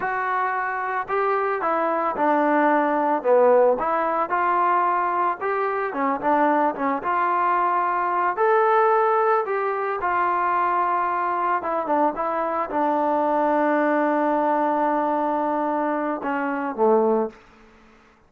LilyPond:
\new Staff \with { instrumentName = "trombone" } { \time 4/4 \tempo 4 = 111 fis'2 g'4 e'4 | d'2 b4 e'4 | f'2 g'4 cis'8 d'8~ | d'8 cis'8 f'2~ f'8 a'8~ |
a'4. g'4 f'4.~ | f'4. e'8 d'8 e'4 d'8~ | d'1~ | d'2 cis'4 a4 | }